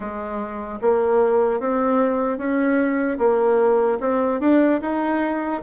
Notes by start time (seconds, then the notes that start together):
0.00 G#3
0.81 A#3
1.60 C4
2.38 C#4
3.18 A#3
4.00 C4
4.40 D4
4.81 D#4